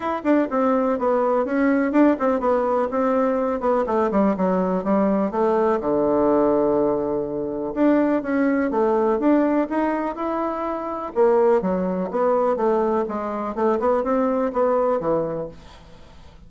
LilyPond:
\new Staff \with { instrumentName = "bassoon" } { \time 4/4 \tempo 4 = 124 e'8 d'8 c'4 b4 cis'4 | d'8 c'8 b4 c'4. b8 | a8 g8 fis4 g4 a4 | d1 |
d'4 cis'4 a4 d'4 | dis'4 e'2 ais4 | fis4 b4 a4 gis4 | a8 b8 c'4 b4 e4 | }